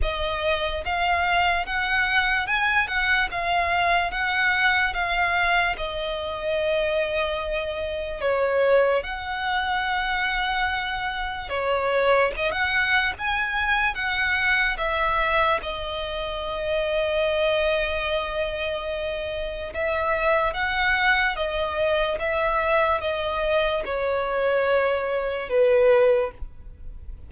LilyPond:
\new Staff \with { instrumentName = "violin" } { \time 4/4 \tempo 4 = 73 dis''4 f''4 fis''4 gis''8 fis''8 | f''4 fis''4 f''4 dis''4~ | dis''2 cis''4 fis''4~ | fis''2 cis''4 dis''16 fis''8. |
gis''4 fis''4 e''4 dis''4~ | dis''1 | e''4 fis''4 dis''4 e''4 | dis''4 cis''2 b'4 | }